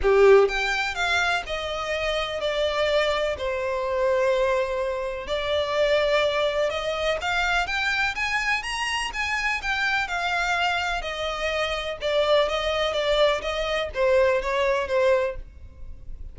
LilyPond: \new Staff \with { instrumentName = "violin" } { \time 4/4 \tempo 4 = 125 g'4 g''4 f''4 dis''4~ | dis''4 d''2 c''4~ | c''2. d''4~ | d''2 dis''4 f''4 |
g''4 gis''4 ais''4 gis''4 | g''4 f''2 dis''4~ | dis''4 d''4 dis''4 d''4 | dis''4 c''4 cis''4 c''4 | }